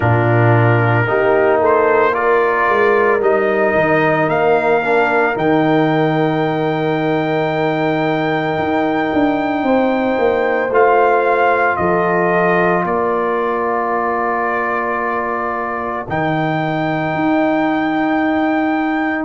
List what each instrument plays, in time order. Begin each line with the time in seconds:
0.00 tuba A#2, trombone D4, horn F4, trumpet A#4
1.06 tuba A#3, trombone D#4, horn G4
1.59 horn A4, trumpet C5
2.12 trombone F4, horn A#4, trumpet D5
2.69 tuba G#3
3.20 tuba G3, trombone D#4, trumpet D#5
3.74 tuba D#3
4.28 tuba A#3, trumpet F5
4.82 trombone D4
5.33 tuba D#3, trombone D#4, trumpet G5
8.58 tuba D#4
9.13 tuba D4
9.62 tuba C4, horn C5
10.18 tuba A#3
10.69 tuba A3, trombone F4, trumpet F5
11.76 tuba F3, horn A4, trumpet D#5
12.83 tuba A#3, horn A#4, trumpet D5
16.08 tuba D#3, trombone D#4, trumpet G5
17.14 tuba D#4